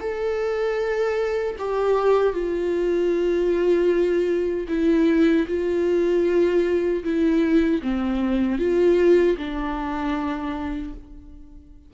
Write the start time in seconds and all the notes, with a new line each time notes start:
0.00 A4
1.58 G4
2.33 F4
4.68 E4
5.47 F4
7.03 E4
7.82 C4
8.58 F4
9.37 D4